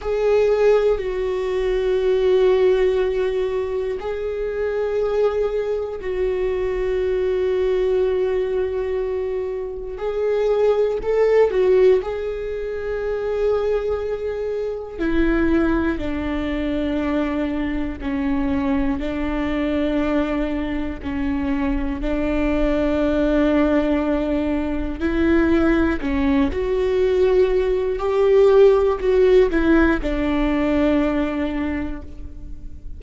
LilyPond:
\new Staff \with { instrumentName = "viola" } { \time 4/4 \tempo 4 = 60 gis'4 fis'2. | gis'2 fis'2~ | fis'2 gis'4 a'8 fis'8 | gis'2. e'4 |
d'2 cis'4 d'4~ | d'4 cis'4 d'2~ | d'4 e'4 cis'8 fis'4. | g'4 fis'8 e'8 d'2 | }